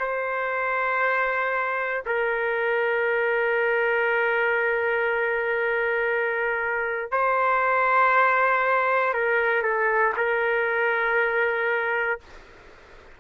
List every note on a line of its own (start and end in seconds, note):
0.00 2.03 C5
2.06 7.12 A#4
7.12 9.14 C5
9.14 9.62 A#4
9.62 10.13 A4
10.17 12.20 A#4